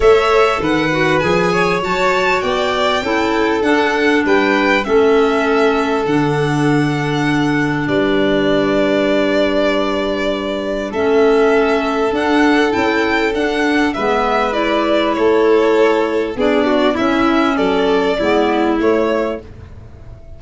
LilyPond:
<<
  \new Staff \with { instrumentName = "violin" } { \time 4/4 \tempo 4 = 99 e''4 fis''4 gis''4 a''4 | g''2 fis''4 g''4 | e''2 fis''2~ | fis''4 d''2.~ |
d''2 e''2 | fis''4 g''4 fis''4 e''4 | d''4 cis''2 d''4 | e''4 d''2 cis''4 | }
  \new Staff \with { instrumentName = "violin" } { \time 4/4 cis''4 b'4. cis''4. | d''4 a'2 b'4 | a'1~ | a'4 b'2.~ |
b'2 a'2~ | a'2. b'4~ | b'4 a'2 gis'8 fis'8 | e'4 a'4 e'2 | }
  \new Staff \with { instrumentName = "clarinet" } { \time 4/4 a'4. fis'8 gis'4 fis'4~ | fis'4 e'4 d'2 | cis'2 d'2~ | d'1~ |
d'2 cis'2 | d'4 e'4 d'4 b4 | e'2. d'4 | cis'2 b4 a4 | }
  \new Staff \with { instrumentName = "tuba" } { \time 4/4 a4 dis4 f4 fis4 | b4 cis'4 d'4 g4 | a2 d2~ | d4 g2.~ |
g2 a2 | d'4 cis'4 d'4 gis4~ | gis4 a2 b4 | cis'4 fis4 gis4 a4 | }
>>